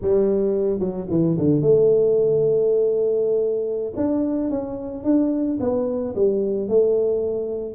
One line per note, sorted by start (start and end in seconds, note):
0.01 0.79 G3
0.79 1.06 F#3
1.09 1.37 E3
1.38 1.61 D3
1.61 3.93 A3
3.96 4.50 D4
4.50 5.04 C#4
5.04 5.58 D4
5.60 6.14 B3
6.15 6.68 G3
6.68 7.75 A3